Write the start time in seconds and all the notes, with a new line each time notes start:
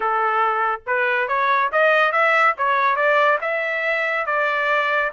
0.00 A4
0.86 B4
1.28 C#5
1.72 D#5
2.12 E5
2.57 C#5
2.96 D5
3.41 E5
4.26 D5